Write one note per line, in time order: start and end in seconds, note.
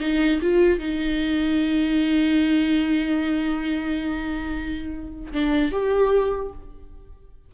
0.00 0.40 D#4
0.41 0.79 F4
0.79 5.32 D#4
5.32 5.71 D4
5.71 6.52 G4